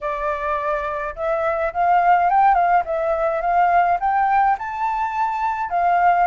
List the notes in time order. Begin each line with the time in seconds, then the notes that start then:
0.00 D5
1.15 E5
1.73 F5
2.30 G5
2.54 F5
2.85 E5
3.41 F5
3.99 G5
4.58 A5
5.69 F5